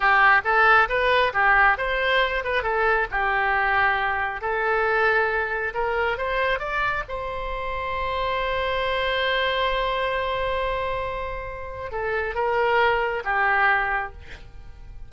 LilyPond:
\new Staff \with { instrumentName = "oboe" } { \time 4/4 \tempo 4 = 136 g'4 a'4 b'4 g'4 | c''4. b'8 a'4 g'4~ | g'2 a'2~ | a'4 ais'4 c''4 d''4 |
c''1~ | c''1~ | c''2. a'4 | ais'2 g'2 | }